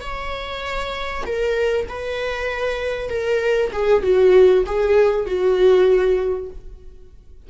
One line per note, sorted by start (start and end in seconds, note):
0.00 1.24 C#5
1.25 1.87 A#4
1.88 3.09 B4
3.09 3.71 A#4
3.72 4.02 G#4
4.02 4.64 F#4
4.66 5.26 G#4
5.26 6.49 F#4